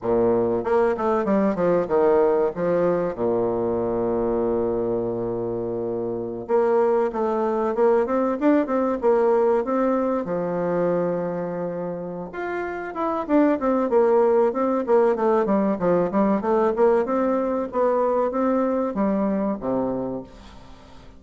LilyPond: \new Staff \with { instrumentName = "bassoon" } { \time 4/4 \tempo 4 = 95 ais,4 ais8 a8 g8 f8 dis4 | f4 ais,2.~ | ais,2~ ais,16 ais4 a8.~ | a16 ais8 c'8 d'8 c'8 ais4 c'8.~ |
c'16 f2.~ f16 f'8~ | f'8 e'8 d'8 c'8 ais4 c'8 ais8 | a8 g8 f8 g8 a8 ais8 c'4 | b4 c'4 g4 c4 | }